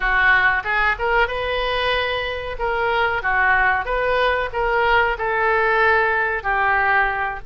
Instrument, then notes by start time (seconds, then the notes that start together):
oboe
0.00 F#4
0.63 G#4
0.98 A#4
1.27 B4
2.58 A#4
3.22 F#4
3.85 B4
4.52 A#4
5.18 A4
6.43 G4